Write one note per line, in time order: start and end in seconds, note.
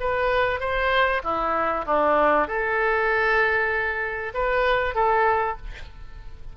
0.00 0.60 B4
0.60 1.22 C5
1.23 1.85 E4
1.86 2.47 D4
2.47 4.33 A4
4.34 4.95 B4
4.95 5.57 A4